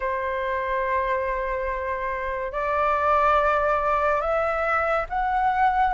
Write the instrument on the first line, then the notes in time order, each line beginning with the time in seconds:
flute
0.00 C5
2.52 D5
4.21 E5
5.09 F#5